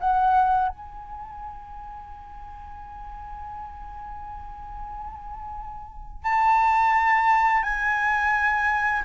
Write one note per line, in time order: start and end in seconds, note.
0.00 0.69 F#5
0.69 6.24 G#5
6.24 7.63 A5
7.63 9.02 G#5